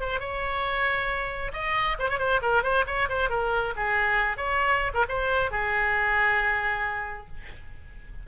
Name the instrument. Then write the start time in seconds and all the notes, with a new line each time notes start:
oboe
0.00 C5
0.19 C#5
1.53 D#5
1.99 C5
2.09 C#5
2.18 C5
2.42 A#4
2.63 C5
2.87 C#5
3.09 C5
3.29 A#4
3.76 G#4
4.37 C#5
4.94 A#4
5.09 C5
5.51 G#4